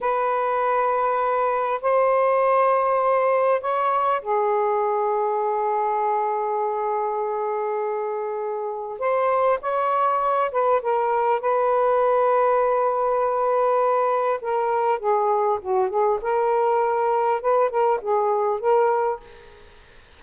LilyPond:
\new Staff \with { instrumentName = "saxophone" } { \time 4/4 \tempo 4 = 100 b'2. c''4~ | c''2 cis''4 gis'4~ | gis'1~ | gis'2. c''4 |
cis''4. b'8 ais'4 b'4~ | b'1 | ais'4 gis'4 fis'8 gis'8 ais'4~ | ais'4 b'8 ais'8 gis'4 ais'4 | }